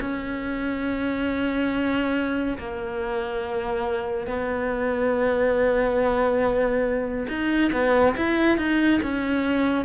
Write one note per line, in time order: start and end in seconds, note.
0.00 2.57 C#4
2.58 4.26 A#3
4.26 7.26 B3
7.28 7.71 D#4
7.72 8.15 B3
8.16 8.57 E4
8.57 9.00 D#4
9.02 9.85 C#4